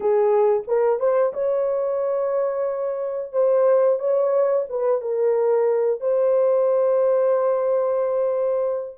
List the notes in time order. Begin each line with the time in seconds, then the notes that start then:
0.00 G#4
0.67 A#4
0.99 C5
1.33 C#5
3.32 C5
3.98 C#5
4.68 B4
5.01 A#4
6.00 C5